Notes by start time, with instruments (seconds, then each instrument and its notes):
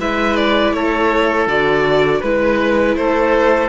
0.00 cello G#3, viola E4, oboe B4, violin E5
0.36 violin D5
0.73 cello A3, oboe A4, violin C#5
1.47 cello D3, viola F#4, violin D5
2.20 cello G#3, viola E4, oboe B4, violin B4
2.96 cello A3, oboe A4, violin C5